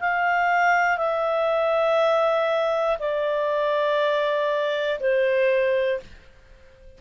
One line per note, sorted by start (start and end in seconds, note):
0.00 0.98 F5
0.98 2.98 E5
2.99 4.99 D5
5.00 6.00 C5